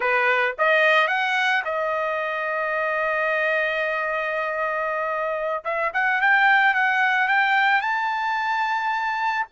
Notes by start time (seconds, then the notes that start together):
0.00 B4
0.58 D#5
1.07 F#5
1.64 D#5
5.64 E5
5.93 F#5
6.21 G5
6.74 F#5
7.28 G5
7.81 A5